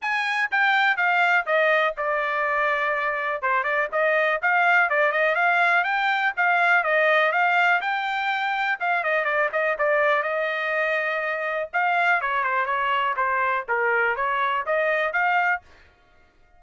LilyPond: \new Staff \with { instrumentName = "trumpet" } { \time 4/4 \tempo 4 = 123 gis''4 g''4 f''4 dis''4 | d''2. c''8 d''8 | dis''4 f''4 d''8 dis''8 f''4 | g''4 f''4 dis''4 f''4 |
g''2 f''8 dis''8 d''8 dis''8 | d''4 dis''2. | f''4 cis''8 c''8 cis''4 c''4 | ais'4 cis''4 dis''4 f''4 | }